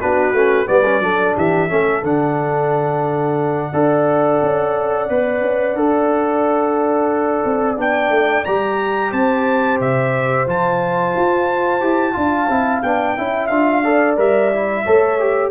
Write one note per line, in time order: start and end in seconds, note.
0.00 0.33 B3
0.00 0.35 D4
0.00 0.67 F#4
0.00 0.67 B4
0.33 0.67 A3
0.33 0.66 C#4
0.66 1.00 G3
0.66 0.83 B3
0.66 1.02 B4
0.66 1.35 D5
0.85 1.02 C#4
1.00 1.33 F#3
1.00 1.69 D4
1.00 1.36 A4
1.36 1.71 E3
1.36 1.69 G4
1.36 2.04 E5
1.69 2.03 A3
1.69 2.02 C#4
1.69 3.71 A4
2.03 3.72 D3
2.03 3.73 D4
2.03 7.77 F#5
3.72 4.41 D4
3.72 5.08 A4
3.72 9.10 D5
4.42 5.09 C#4
5.09 5.41 B3
5.09 5.76 B4
5.41 5.74 C#4
5.74 7.43 D4
5.74 7.77 A4
7.45 7.77 C4
7.77 8.10 B3
7.77 8.44 D4
7.77 8.45 G5
8.10 8.44 A3
8.45 9.12 G3
8.45 10.47 G4
8.45 9.12 A#5
9.10 9.80 C4
9.10 12.14 C5
9.10 9.80 A5
9.80 10.47 C3
9.80 10.48 E5
10.47 11.14 F3
10.47 11.81 F4
10.47 12.83 A5
11.15 11.81 F4
11.81 12.15 E4
11.81 12.13 G4
12.13 12.49 D4
12.13 12.46 F4
12.13 13.16 F5
12.49 12.82 C4
12.49 12.83 E4
12.83 13.17 B3
12.83 13.17 D4
12.83 13.47 G5
13.17 13.50 C#4
13.17 13.51 E4
13.17 13.84 E5
13.47 14.17 D4
13.47 13.84 F4
13.47 14.14 F5
13.84 14.17 A4
13.84 14.85 D5
14.17 14.85 G3
14.17 14.51 A#4
14.17 15.51 E5
14.53 14.86 E4
14.85 15.51 A3
14.85 15.20 A4
14.85 15.51 C#5
15.20 15.51 G4